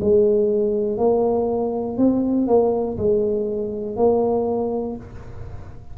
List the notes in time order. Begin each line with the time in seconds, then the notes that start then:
0.00 G#3
0.97 A#3
1.98 C4
2.47 A#3
2.98 G#3
3.96 A#3